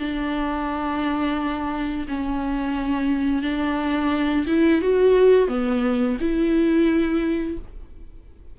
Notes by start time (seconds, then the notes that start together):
0.00 D4
2.08 C#4
3.43 D4
4.47 E4
4.82 F#4
5.49 B3
6.21 E4